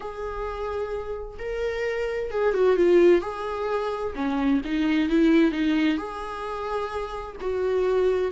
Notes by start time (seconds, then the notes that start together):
0.00 G#4
1.38 A#4
2.31 G#4
2.54 F#4
2.76 F4
3.21 G#4
4.15 C#4
4.64 D#4
5.09 E4
5.51 D#4
5.97 G#4
7.41 F#4